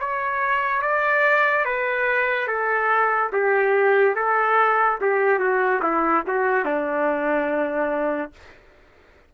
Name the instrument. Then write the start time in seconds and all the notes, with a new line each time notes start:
trumpet
0.00 C#5
0.82 D5
1.65 B4
2.48 A4
3.33 G4
4.16 A4
5.01 G4
5.39 F#4
5.82 E4
6.27 F#4
6.65 D4